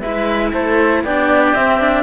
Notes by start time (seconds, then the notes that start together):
0.00 G#3 E4 B4 E5
0.52 A3 A4 C5
1.03 B3 D4 G4 D5
1.54 C4 E5
1.79 D4